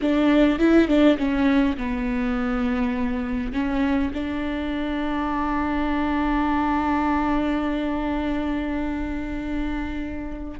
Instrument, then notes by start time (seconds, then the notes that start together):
viola
0.01 D4
0.58 E4
0.87 D4
1.18 C#4
1.77 B3
3.52 C#4
4.13 D4